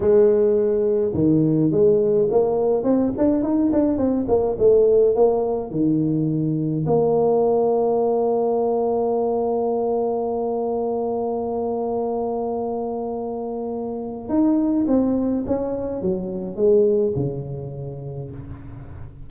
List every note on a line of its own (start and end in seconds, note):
0.00 1.11 G#3
1.14 1.71 D#3
1.71 2.28 G#3
2.30 2.83 A#3
2.83 3.12 C4
3.17 3.43 D4
3.43 3.71 D#4
3.72 3.97 D4
3.97 4.26 C4
4.28 4.56 A#3
4.58 5.15 A3
5.15 5.71 A#3
5.71 6.85 D#3
6.86 14.29 A#3
14.29 14.86 D#4
14.87 15.44 C4
15.46 16.01 C#4
16.01 16.56 F#3
16.56 17.13 G#3
17.16 18.30 C#3